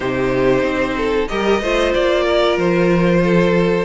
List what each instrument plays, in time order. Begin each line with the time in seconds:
0.00 cello C3, viola D#4, violin G4 C5
0.62 cello C4
0.96 violin A4
1.28 cello G3, viola G4, violin A#4 D#5
1.61 cello A3, viola F4, violin C5
1.94 cello A#3, violin D5
2.23 violin A#4
2.57 cello F3, violin C5
3.23 violin A4